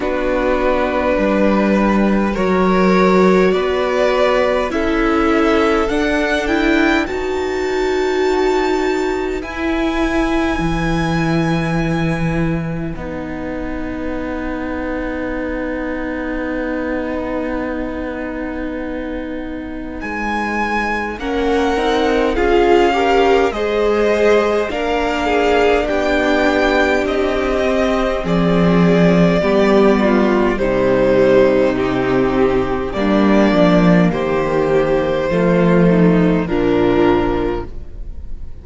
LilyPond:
<<
  \new Staff \with { instrumentName = "violin" } { \time 4/4 \tempo 4 = 51 b'2 cis''4 d''4 | e''4 fis''8 g''8 a''2 | gis''2. fis''4~ | fis''1~ |
fis''4 gis''4 fis''4 f''4 | dis''4 f''4 g''4 dis''4 | d''2 c''4 g'4 | d''4 c''2 ais'4 | }
  \new Staff \with { instrumentName = "violin" } { \time 4/4 fis'4 b'4 ais'4 b'4 | a'2 b'2~ | b'1~ | b'1~ |
b'2 ais'4 gis'8 ais'8 | c''4 ais'8 gis'8 g'2 | gis'4 g'8 f'8 dis'2 | d'4 g'4 f'8 dis'8 d'4 | }
  \new Staff \with { instrumentName = "viola" } { \time 4/4 d'2 fis'2 | e'4 d'8 e'8 fis'2 | e'2. dis'4~ | dis'1~ |
dis'2 cis'8 dis'8 f'8 g'8 | gis'4 d'2~ d'8 c'8~ | c'4 b4 g4 c'4 | ais2 a4 f4 | }
  \new Staff \with { instrumentName = "cello" } { \time 4/4 b4 g4 fis4 b4 | cis'4 d'4 dis'2 | e'4 e2 b4~ | b1~ |
b4 gis4 ais8 c'8 cis'4 | gis4 ais4 b4 c'4 | f4 g4 c2 | g8 f8 dis4 f4 ais,4 | }
>>